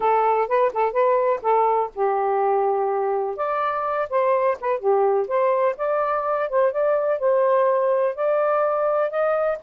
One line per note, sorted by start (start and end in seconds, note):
0.00 0.47 A4
0.47 0.71 B4
0.73 0.92 A4
0.92 1.40 B4
1.42 1.90 A4
1.94 3.36 G4
3.36 4.08 D5
4.09 4.57 C5
4.60 4.79 B4
4.79 5.27 G4
5.27 5.75 C5
5.77 6.49 D5
6.49 6.72 C5
6.72 7.19 D5
7.19 8.15 C5
8.15 9.10 D5
9.10 9.58 D#5